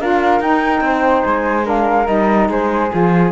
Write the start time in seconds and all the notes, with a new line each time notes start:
0.00 D4 F4 A#4 F5
0.40 D#4 G5
0.81 C4 C5
1.25 G#3 G#5
1.64 D4 A#4 F5
2.07 G3 D#4 D#5
2.49 G#3 G#4 C5
2.91 F3 F4 G#4